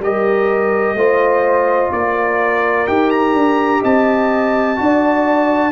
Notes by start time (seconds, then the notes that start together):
0.00 G3 G4 A#4 D#5
0.95 A3 F4 C5
1.92 A#3 A#4 D5
2.87 D#4 G4 G5
3.11 A#5
3.34 D4
3.82 C4 D#5 A5
4.76 D4 F#4 D5